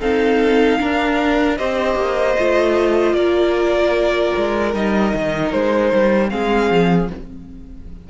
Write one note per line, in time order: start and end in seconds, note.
0.00 0.79 C4
0.00 0.81 D#4
0.00 0.79 A4
0.00 1.58 F5
0.79 1.58 D4
0.79 1.60 D4
0.79 1.58 A#4
1.58 1.96 C4
1.58 2.38 G4
1.58 3.16 C5
1.58 3.15 D#5
1.96 2.35 A#3
2.38 3.14 A3
2.38 4.74 F4
3.14 4.32 A#3
3.14 6.31 A#4
3.14 4.73 D5
4.38 4.74 G#3
4.74 5.14 G3
4.74 6.29 D#4
4.74 5.52 D#5
5.14 5.53 D#3
5.52 5.93 G#3
5.52 6.30 C5
5.93 6.32 G3
6.29 6.71 G#3
6.29 7.08 C4
6.29 7.10 G#4
6.29 7.09 F5
6.71 7.10 F3